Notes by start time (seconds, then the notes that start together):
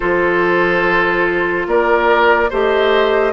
0.00 F3 F4 A4 C5
1.66 A#3 A#4 D5
2.50 A3 G4 C5 D#5